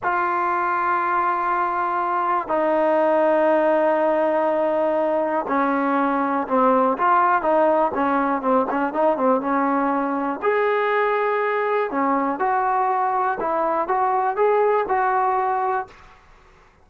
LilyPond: \new Staff \with { instrumentName = "trombone" } { \time 4/4 \tempo 4 = 121 f'1~ | f'4 dis'2.~ | dis'2. cis'4~ | cis'4 c'4 f'4 dis'4 |
cis'4 c'8 cis'8 dis'8 c'8 cis'4~ | cis'4 gis'2. | cis'4 fis'2 e'4 | fis'4 gis'4 fis'2 | }